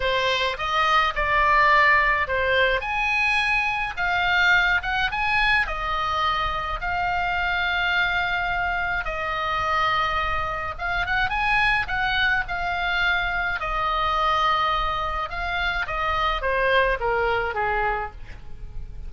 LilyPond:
\new Staff \with { instrumentName = "oboe" } { \time 4/4 \tempo 4 = 106 c''4 dis''4 d''2 | c''4 gis''2 f''4~ | f''8 fis''8 gis''4 dis''2 | f''1 |
dis''2. f''8 fis''8 | gis''4 fis''4 f''2 | dis''2. f''4 | dis''4 c''4 ais'4 gis'4 | }